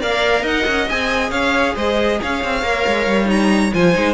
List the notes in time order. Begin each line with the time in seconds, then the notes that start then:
0.00 A#3 A#4 D5 F5
0.42 D#4 D#5 F#5
0.66 C#4
0.89 C4 G#4 G#5
1.31 C#4 C#5 F5
1.75 G#3 C5 D#5
2.21 C#4 C#5 F5
2.44 C4
2.63 A#3 A#4
2.86 G#3
3.06 G3
3.25 D#4 A#5
3.73 F3 F4 C5 G#5
3.94 G#3 D#4